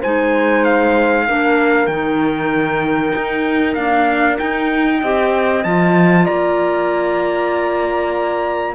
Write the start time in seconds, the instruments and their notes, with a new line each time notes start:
0.00 cello G#3, clarinet D#4, horn C5, trumpet G#5
0.64 trumpet F5
1.27 cello A#3, clarinet D4, horn A#4
1.86 cello D#3, clarinet D#4, trumpet G5
3.15 cello D#4
3.74 clarinet A#3, cello D4, trumpet F5
4.37 clarinet D#4, cello D#4, trumpet G5
5.01 cello C4, clarinet G4, horn D#5
5.64 cello F3, clarinet F4, trumpet A5
6.25 cello A#3, horn D5, trumpet A#5